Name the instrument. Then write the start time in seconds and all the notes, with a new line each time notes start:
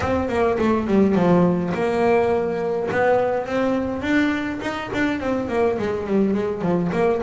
double bass
0.00 C4
0.28 A#3
0.58 A3
0.87 G3
1.15 F3
1.73 A#3
2.91 B3
3.46 C4
4.01 D4
4.61 D#4
4.93 D4
5.20 C4
5.48 A#3
5.78 G#3
6.06 G3
6.34 G#3
6.61 F3
6.92 A#3